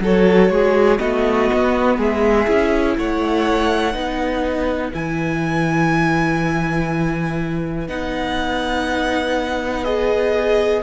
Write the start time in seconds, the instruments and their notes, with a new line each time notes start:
0.00 cello F#3, viola F#4, violin A4 C#5
0.49 cello G#3, violin G#4
0.97 cello A3, viola B3, violin F#4 D#5
1.53 cello B3
1.97 cello G#3, violin G#4 E5
2.46 cello C#4, viola E4
2.97 cello A3, violin C#5 F#5
3.93 cello B3, viola D#4, violin B4
4.92 cello E3, viola E4, violin G#5
7.87 cello B3, viola D#4, violin F#5
9.84 viola G#4, violin D#5